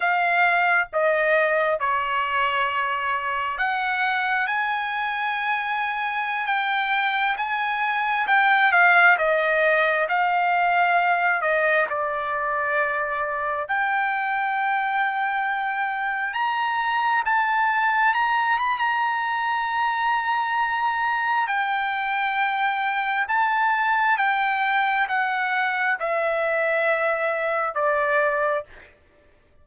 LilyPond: \new Staff \with { instrumentName = "trumpet" } { \time 4/4 \tempo 4 = 67 f''4 dis''4 cis''2 | fis''4 gis''2~ gis''16 g''8.~ | g''16 gis''4 g''8 f''8 dis''4 f''8.~ | f''8. dis''8 d''2 g''8.~ |
g''2~ g''16 ais''4 a''8.~ | a''16 ais''8 b''16 ais''2. | g''2 a''4 g''4 | fis''4 e''2 d''4 | }